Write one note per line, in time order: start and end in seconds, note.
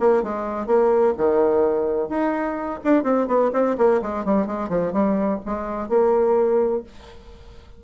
0.00 0.23 A#3
0.23 0.67 G#3
0.67 1.14 A#3
1.18 2.09 D#3
2.09 2.80 D#4
2.84 3.04 D4
3.04 3.27 C4
3.28 3.51 B3
3.53 3.77 C4
3.78 4.02 A#3
4.02 4.25 G#3
4.25 4.47 G3
4.47 4.69 G#3
4.69 4.93 F3
4.93 5.40 G3
5.46 5.89 G#3
5.89 6.84 A#3